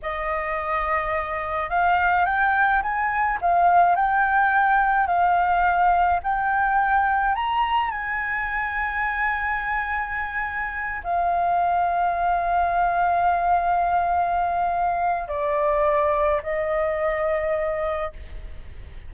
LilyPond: \new Staff \with { instrumentName = "flute" } { \time 4/4 \tempo 4 = 106 dis''2. f''4 | g''4 gis''4 f''4 g''4~ | g''4 f''2 g''4~ | g''4 ais''4 gis''2~ |
gis''2.~ gis''8 f''8~ | f''1~ | f''2. d''4~ | d''4 dis''2. | }